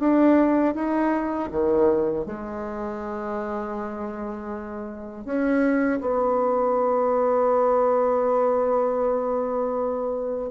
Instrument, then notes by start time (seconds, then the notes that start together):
bassoon
0.00 D4
0.75 D#4
1.52 D#3
2.26 G#3
5.25 C#4
6.01 B3